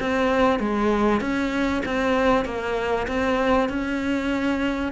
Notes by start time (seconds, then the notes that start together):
0.00 C4
0.59 G#3
1.21 C#4
1.85 C4
2.45 A#3
3.07 C4
3.69 C#4